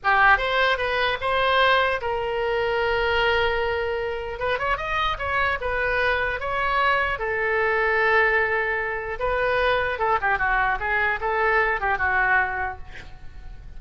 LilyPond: \new Staff \with { instrumentName = "oboe" } { \time 4/4 \tempo 4 = 150 g'4 c''4 b'4 c''4~ | c''4 ais'2.~ | ais'2. b'8 cis''8 | dis''4 cis''4 b'2 |
cis''2 a'2~ | a'2. b'4~ | b'4 a'8 g'8 fis'4 gis'4 | a'4. g'8 fis'2 | }